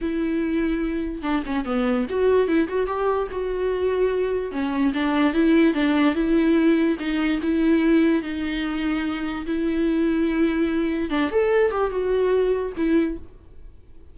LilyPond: \new Staff \with { instrumentName = "viola" } { \time 4/4 \tempo 4 = 146 e'2. d'8 cis'8 | b4 fis'4 e'8 fis'8 g'4 | fis'2. cis'4 | d'4 e'4 d'4 e'4~ |
e'4 dis'4 e'2 | dis'2. e'4~ | e'2. d'8 a'8~ | a'8 g'8 fis'2 e'4 | }